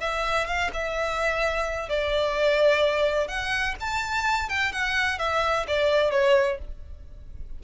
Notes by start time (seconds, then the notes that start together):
0.00 E5
0.47 F5
0.73 E5
1.89 D5
3.28 F#5
3.80 A5
4.49 G5
4.72 F#5
5.19 E5
5.67 D5
6.11 C#5